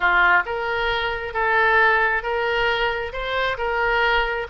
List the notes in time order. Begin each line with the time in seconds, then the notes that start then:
0.00 F4
0.45 A#4
1.33 A4
2.22 A#4
3.12 C5
3.57 A#4